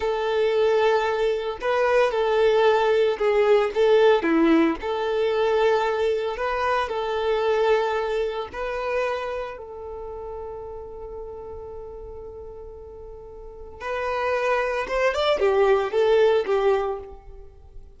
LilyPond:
\new Staff \with { instrumentName = "violin" } { \time 4/4 \tempo 4 = 113 a'2. b'4 | a'2 gis'4 a'4 | e'4 a'2. | b'4 a'2. |
b'2 a'2~ | a'1~ | a'2 b'2 | c''8 d''8 g'4 a'4 g'4 | }